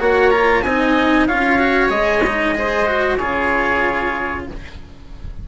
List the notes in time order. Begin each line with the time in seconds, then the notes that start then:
0.00 A#3 F#4 C#5 F#5
0.31 F4 A#5
0.63 C4 D#4 D#5 G#5
1.28 C#4 F4 C#5 F5
1.60 F#4
1.90 G#3 G#4 D#5
2.27 D#4
2.56 G#4 C5
2.87 F#4
3.18 C#3 F4 G#4 C#5